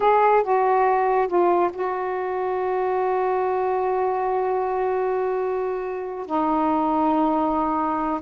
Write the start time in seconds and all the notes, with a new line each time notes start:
0.00 G#4
0.43 F#4
1.27 F4
1.73 F#4
6.26 D#4